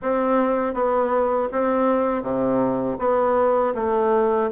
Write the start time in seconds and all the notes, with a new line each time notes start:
0.02 C4
0.73 B3
1.52 C4
2.22 C3
2.99 B3
3.75 A3